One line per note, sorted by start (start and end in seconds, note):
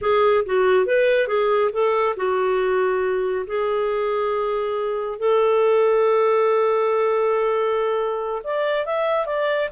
0.01 0.44 G#4
0.45 0.86 F#4
0.86 1.27 B4
1.27 1.71 G#4
1.72 2.15 A4
2.16 3.45 F#4
3.46 5.18 G#4
5.18 8.42 A4
8.43 8.85 D5
8.85 9.26 E5
9.26 9.69 D5